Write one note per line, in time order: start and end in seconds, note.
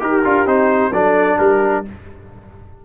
0.00 0.24 D#4
0.00 0.23 G4
0.00 0.93 G4
0.00 0.48 A#4
0.25 0.46 D4
0.25 0.47 F4
0.46 0.92 C4
0.46 0.92 D#4
0.46 0.93 C5
0.93 1.39 F#3
0.93 1.85 D4
0.93 1.38 A4
0.93 1.39 D5
1.38 1.85 G3
1.38 1.84 G4
1.38 1.85 A#4